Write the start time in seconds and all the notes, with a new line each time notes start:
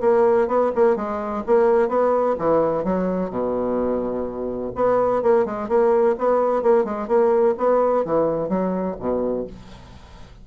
0.00 A#3
0.47 B3
0.75 A#3
0.96 G#3
1.46 A#3
1.88 B3
2.38 E3
2.83 F#3
3.30 B2
4.75 B3
5.22 A#3
5.45 G#3
5.68 A#3
6.18 B3
6.62 A#3
6.84 G#3
7.07 A#3
7.57 B3
8.04 E3
8.48 F#3
8.99 B2